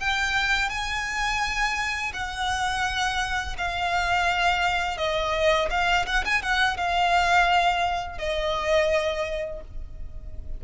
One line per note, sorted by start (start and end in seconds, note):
0.00 0.70 G5
0.70 2.13 G#5
2.14 3.56 F#5
3.58 4.98 F5
4.98 5.69 D#5
5.70 6.06 F5
6.06 6.24 F#5
6.25 6.43 G#5
6.43 6.77 F#5
6.77 8.19 F5
8.19 9.61 D#5